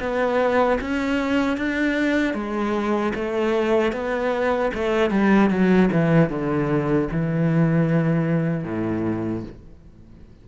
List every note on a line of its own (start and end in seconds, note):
0.00 0.79 B3
0.81 1.58 C#4
1.58 2.34 D4
2.34 3.13 G#3
3.15 3.93 A3
3.93 4.72 B3
4.74 5.11 A3
5.11 5.50 G3
5.50 5.90 F#3
5.92 6.30 E3
6.30 7.09 D3
7.12 8.64 E3
8.64 9.43 A2